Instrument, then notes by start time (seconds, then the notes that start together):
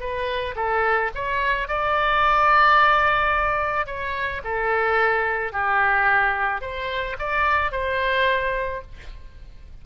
oboe
0.00 B4
0.56 A4
1.15 C#5
1.68 D5
3.87 C#5
4.44 A4
5.52 G4
6.62 C5
7.19 D5
7.72 C5